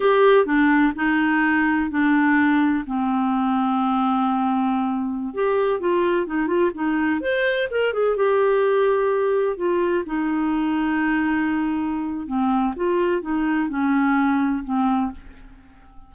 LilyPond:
\new Staff \with { instrumentName = "clarinet" } { \time 4/4 \tempo 4 = 127 g'4 d'4 dis'2 | d'2 c'2~ | c'2.~ c'16 g'8.~ | g'16 f'4 dis'8 f'8 dis'4 c''8.~ |
c''16 ais'8 gis'8 g'2~ g'8.~ | g'16 f'4 dis'2~ dis'8.~ | dis'2 c'4 f'4 | dis'4 cis'2 c'4 | }